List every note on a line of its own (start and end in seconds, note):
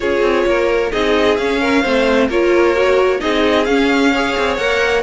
0.00 0.21 C#4
0.00 0.91 F4
0.00 0.46 G#4
0.00 0.91 C#5
0.21 0.44 C4
0.45 0.91 A#3
0.45 0.92 A#4
0.91 1.38 C4
0.91 1.37 D#4
0.91 1.61 G#4
0.91 1.36 D#5
1.36 1.84 C#4
1.36 2.28 F5
1.61 1.82 A#4
1.82 2.28 A3
1.82 2.30 C4
1.82 2.27 C5
2.27 3.20 A#3
2.27 2.75 F4
2.27 3.19 A#4
2.27 3.20 C#5
2.75 3.19 F#4
3.19 3.67 C4
3.19 3.65 D#4
3.19 4.11 G#4
3.19 3.64 D#5
3.64 4.36 C#4
3.64 4.13 C#4
3.64 4.56 F5
4.11 4.59 G#4
4.11 5.03 C#5
4.37 4.57 C4
4.57 5.03 A#3
4.57 5.03 A#4
4.57 5.02 F#5